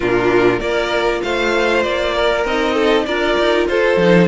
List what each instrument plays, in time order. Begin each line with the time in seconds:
0.00 cello A#2, viola D4, violin F4 A#4
0.59 cello A#3, viola F4, violin A#4 D5
1.22 cello A3, violin C5 F5
1.82 cello A#3, violin D5
2.14 violin A#4
2.45 cello C4, viola D#4, violin D#5
2.73 violin A4
3.05 cello D4, viola F4, violin A#4 D5
3.39 cello D#4
3.68 cello F4, violin A4 C5
3.96 cello F3, viola D#4